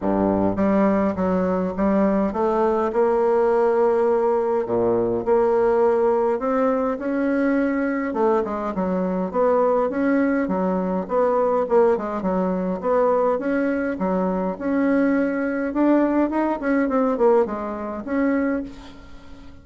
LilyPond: \new Staff \with { instrumentName = "bassoon" } { \time 4/4 \tempo 4 = 103 g,4 g4 fis4 g4 | a4 ais2. | ais,4 ais2 c'4 | cis'2 a8 gis8 fis4 |
b4 cis'4 fis4 b4 | ais8 gis8 fis4 b4 cis'4 | fis4 cis'2 d'4 | dis'8 cis'8 c'8 ais8 gis4 cis'4 | }